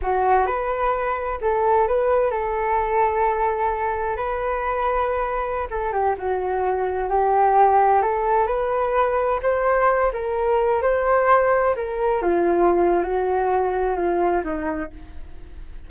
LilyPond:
\new Staff \with { instrumentName = "flute" } { \time 4/4 \tempo 4 = 129 fis'4 b'2 a'4 | b'4 a'2.~ | a'4 b'2.~ | b'16 a'8 g'8 fis'2 g'8.~ |
g'4~ g'16 a'4 b'4.~ b'16~ | b'16 c''4. ais'4. c''8.~ | c''4~ c''16 ais'4 f'4.~ f'16 | fis'2 f'4 dis'4 | }